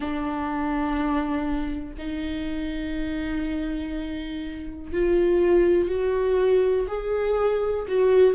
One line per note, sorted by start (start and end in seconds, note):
0.00 1.94 D4
1.98 4.92 D#4
4.92 5.88 F4
5.88 6.86 F#4
6.87 7.86 G#4
7.87 8.35 F#4